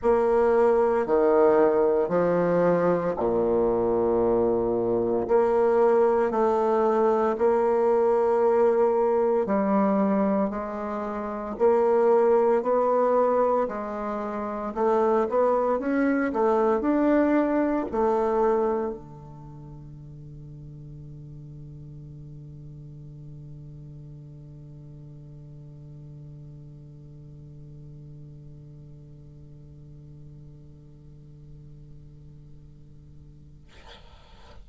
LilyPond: \new Staff \with { instrumentName = "bassoon" } { \time 4/4 \tempo 4 = 57 ais4 dis4 f4 ais,4~ | ais,4 ais4 a4 ais4~ | ais4 g4 gis4 ais4 | b4 gis4 a8 b8 cis'8 a8 |
d'4 a4 d2~ | d1~ | d1~ | d1 | }